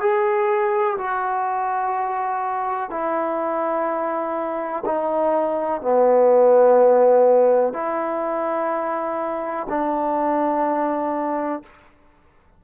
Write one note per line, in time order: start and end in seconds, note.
0.00 0.97 G#4
0.98 2.90 F#4
2.90 4.84 E4
4.86 5.82 D#4
5.82 7.73 B3
7.73 9.67 E4
9.69 11.63 D4